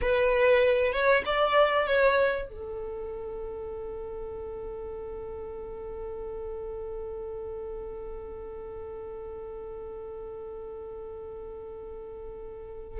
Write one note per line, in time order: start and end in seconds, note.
0.01 0.92 B4
0.92 1.23 C#5
1.25 1.86 D5
1.86 2.48 C#5
2.48 12.99 A4